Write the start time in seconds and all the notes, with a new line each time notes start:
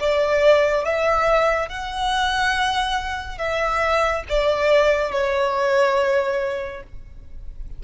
0.00 D5
0.85 E5
1.69 F#5
3.38 E5
4.29 D5
5.12 C#5